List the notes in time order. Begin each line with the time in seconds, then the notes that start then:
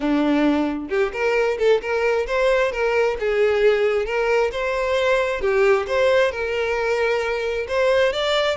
0.00 D4
0.89 G4
1.12 A#4
1.58 A4
1.81 A#4
2.26 C5
2.72 A#4
3.19 G#4
4.05 A#4
4.52 C5
5.41 G4
5.87 C5
6.31 A#4
7.68 C5
8.12 D5